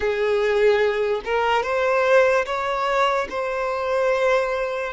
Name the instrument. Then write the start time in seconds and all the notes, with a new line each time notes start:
violin
0.00 G#4
1.24 A#4
1.63 C5
2.45 C#5
3.29 C5